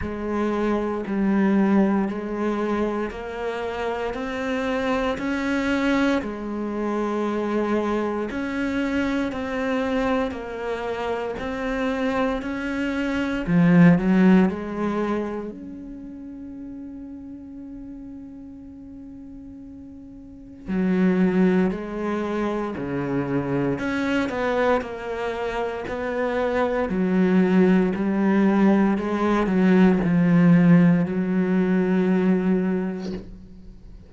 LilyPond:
\new Staff \with { instrumentName = "cello" } { \time 4/4 \tempo 4 = 58 gis4 g4 gis4 ais4 | c'4 cis'4 gis2 | cis'4 c'4 ais4 c'4 | cis'4 f8 fis8 gis4 cis'4~ |
cis'1 | fis4 gis4 cis4 cis'8 b8 | ais4 b4 fis4 g4 | gis8 fis8 f4 fis2 | }